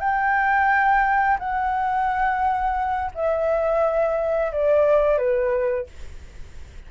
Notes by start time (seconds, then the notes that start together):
0.00 G5
1.39 F#5
3.15 E5
4.52 D5
5.18 B4